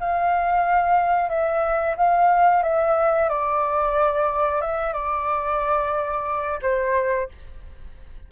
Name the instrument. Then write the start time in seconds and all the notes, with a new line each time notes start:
flute
0.00 F5
1.29 E5
1.97 F5
2.63 E5
3.29 D5
4.61 E5
4.93 D5
6.62 C5